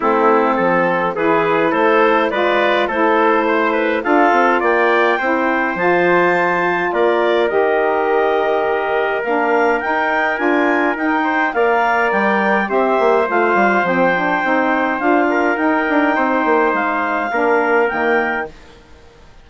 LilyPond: <<
  \new Staff \with { instrumentName = "clarinet" } { \time 4/4 \tempo 4 = 104 a'2 b'4 c''4 | d''4 c''2 f''4 | g''2 a''2 | d''4 dis''2. |
f''4 g''4 gis''4 g''4 | f''4 g''4 e''4 f''4 | g''2 f''4 g''4~ | g''4 f''2 g''4 | }
  \new Staff \with { instrumentName = "trumpet" } { \time 4/4 e'4 a'4 gis'4 a'4 | b'4 a'4 c''8 b'8 a'4 | d''4 c''2. | ais'1~ |
ais'2.~ ais'8 c''8 | d''2 c''2~ | c''2~ c''8 ais'4. | c''2 ais'2 | }
  \new Staff \with { instrumentName = "saxophone" } { \time 4/4 c'2 e'2 | f'4 e'2 f'4~ | f'4 e'4 f'2~ | f'4 g'2. |
d'4 dis'4 f'4 dis'4 | ais'2 g'4 f'4 | c'8 d'8 dis'4 f'4 dis'4~ | dis'2 d'4 ais4 | }
  \new Staff \with { instrumentName = "bassoon" } { \time 4/4 a4 f4 e4 a4 | gis4 a2 d'8 c'8 | ais4 c'4 f2 | ais4 dis2. |
ais4 dis'4 d'4 dis'4 | ais4 g4 c'8 ais8 a8 g8 | f4 c'4 d'4 dis'8 d'8 | c'8 ais8 gis4 ais4 dis4 | }
>>